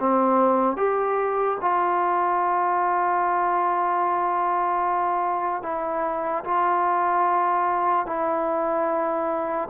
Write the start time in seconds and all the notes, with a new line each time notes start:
0.00 C4
0.77 G4
1.61 F4
5.63 E4
6.44 F4
8.06 E4